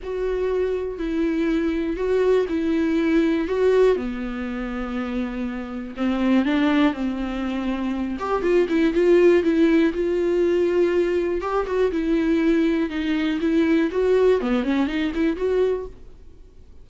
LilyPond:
\new Staff \with { instrumentName = "viola" } { \time 4/4 \tempo 4 = 121 fis'2 e'2 | fis'4 e'2 fis'4 | b1 | c'4 d'4 c'2~ |
c'8 g'8 f'8 e'8 f'4 e'4 | f'2. g'8 fis'8 | e'2 dis'4 e'4 | fis'4 b8 cis'8 dis'8 e'8 fis'4 | }